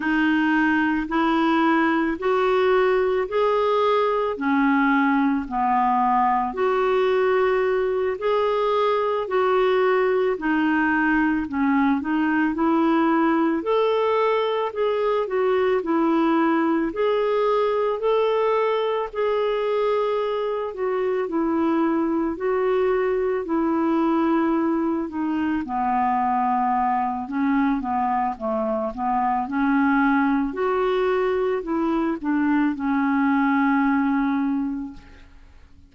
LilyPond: \new Staff \with { instrumentName = "clarinet" } { \time 4/4 \tempo 4 = 55 dis'4 e'4 fis'4 gis'4 | cis'4 b4 fis'4. gis'8~ | gis'8 fis'4 dis'4 cis'8 dis'8 e'8~ | e'8 a'4 gis'8 fis'8 e'4 gis'8~ |
gis'8 a'4 gis'4. fis'8 e'8~ | e'8 fis'4 e'4. dis'8 b8~ | b4 cis'8 b8 a8 b8 cis'4 | fis'4 e'8 d'8 cis'2 | }